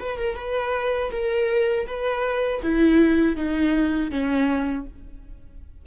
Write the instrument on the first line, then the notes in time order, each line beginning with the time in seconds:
viola
0.00 B4
0.18 A#4
0.36 B4
1.12 A#4
1.87 B4
2.63 E4
3.37 D#4
4.11 C#4